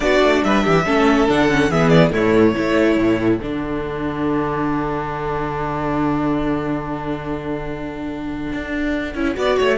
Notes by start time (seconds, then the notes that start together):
0.00 B3 D4 F#4 D5
0.21 A3
0.44 G3 B4 E5
0.64 E3 G4
0.85 A3 C#4 A4
1.27 D3 D4 F#5
1.50 C#4
1.69 E3 B3 G#4 E5
1.88 D5
2.11 A2 A3 E4 C#5
2.54 A3 E4 A4
2.96 A2
3.39 D3 D4 F#5
8.52 D4
9.14 C#4 E4
9.34 B3 F#4 D5
9.57 A3 C#5